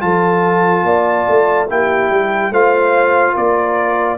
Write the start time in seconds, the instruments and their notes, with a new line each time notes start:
0.00 tuba F3, trombone F4, horn A4, trumpet A5
0.84 tuba A#3, horn D5
1.28 tuba A3
1.70 tuba A#3, trombone E4, horn G4, trumpet G5
2.10 tuba G3
2.51 tuba A3, trombone F4, horn C5, trumpet F5
3.32 tuba A#3, horn A#4, trumpet D5